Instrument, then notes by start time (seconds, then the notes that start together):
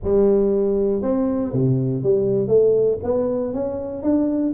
tuba
0.03 G3
1.02 C4
1.52 C3
2.03 G3
2.47 A3
3.03 B3
3.53 C#4
4.02 D4